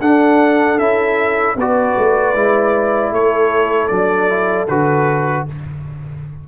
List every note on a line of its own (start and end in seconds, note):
0.00 0.78 D4
0.00 1.56 A4
0.00 0.78 F#5
0.78 1.56 C#4
0.78 1.56 E4
0.78 1.56 E5
1.56 1.94 B3
1.56 2.35 F#4
1.56 3.12 B4
1.56 3.14 D5
1.97 2.34 A3
2.34 3.11 G#3
2.34 3.89 E4
3.11 3.89 A3
3.11 5.47 A4
3.11 3.87 C#5
3.87 4.68 F#3
3.87 4.28 D4
3.87 4.65 D5
4.28 4.67 E4
4.68 5.46 D3
4.68 5.47 F#4
4.68 5.46 B4